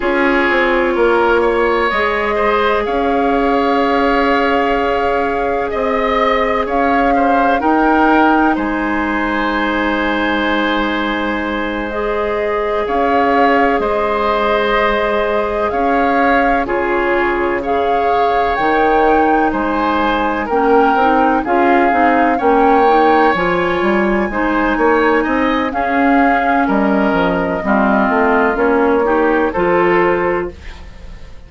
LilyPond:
<<
  \new Staff \with { instrumentName = "flute" } { \time 4/4 \tempo 4 = 63 cis''2 dis''4 f''4~ | f''2 dis''4 f''4 | g''4 gis''2.~ | gis''8 dis''4 f''4 dis''4.~ |
dis''8 f''4 cis''4 f''4 g''8~ | g''8 gis''4 g''4 f''4 g''8~ | g''8 gis''2~ gis''8 f''4 | dis''2 cis''4 c''4 | }
  \new Staff \with { instrumentName = "oboe" } { \time 4/4 gis'4 ais'8 cis''4 c''8 cis''4~ | cis''2 dis''4 cis''8 c''8 | ais'4 c''2.~ | c''4. cis''4 c''4.~ |
c''8 cis''4 gis'4 cis''4.~ | cis''8 c''4 ais'4 gis'4 cis''8~ | cis''4. c''8 cis''8 dis''8 gis'4 | ais'4 f'4. g'8 a'4 | }
  \new Staff \with { instrumentName = "clarinet" } { \time 4/4 f'2 gis'2~ | gis'1 | dis'1~ | dis'8 gis'2.~ gis'8~ |
gis'4. f'4 gis'4 dis'8~ | dis'4. cis'8 dis'8 f'8 dis'8 cis'8 | dis'8 f'4 dis'4. cis'4~ | cis'4 c'4 cis'8 dis'8 f'4 | }
  \new Staff \with { instrumentName = "bassoon" } { \time 4/4 cis'8 c'8 ais4 gis4 cis'4~ | cis'2 c'4 cis'4 | dis'4 gis2.~ | gis4. cis'4 gis4.~ |
gis8 cis'4 cis2 dis8~ | dis8 gis4 ais8 c'8 cis'8 c'8 ais8~ | ais8 f8 g8 gis8 ais8 c'8 cis'4 | g8 f8 g8 a8 ais4 f4 | }
>>